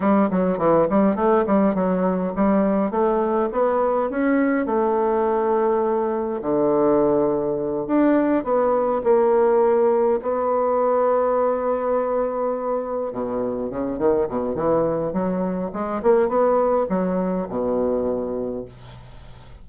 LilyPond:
\new Staff \with { instrumentName = "bassoon" } { \time 4/4 \tempo 4 = 103 g8 fis8 e8 g8 a8 g8 fis4 | g4 a4 b4 cis'4 | a2. d4~ | d4. d'4 b4 ais8~ |
ais4. b2~ b8~ | b2~ b8 b,4 cis8 | dis8 b,8 e4 fis4 gis8 ais8 | b4 fis4 b,2 | }